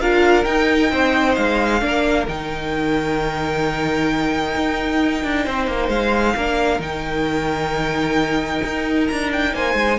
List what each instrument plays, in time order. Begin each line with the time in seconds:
0.00 cello D4, viola F4, violin A#4 F5
0.45 viola D#4, cello D#4, violin G5
0.90 cello C4, violin C5
1.36 cello G#3, violin F5
1.81 cello A#3, viola D4, violin A#4
2.28 cello D#3, viola D#4, violin G5
4.56 cello D#4
5.24 cello D4
5.45 cello C4, violin C5
5.68 cello A#3
5.89 cello G#3, violin F5
6.36 cello A#3, viola D4, violin A#4
6.79 cello D#3, viola D#4, violin G5
8.64 cello D#4
9.07 cello D4, violin A#5
9.33 violin G5
9.54 cello A#3, violin C5 G#5
9.75 cello G#3